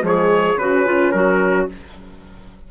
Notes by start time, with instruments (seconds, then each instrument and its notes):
0.00 bassoon F3, horn G#3
0.06 clarinet G#4, trumpet C#5
0.56 bassoon C#3, horn C#4, clarinet F#4, trumpet B4
0.86 clarinet F4
1.12 bassoon F#3, clarinet F#4, trumpet A#4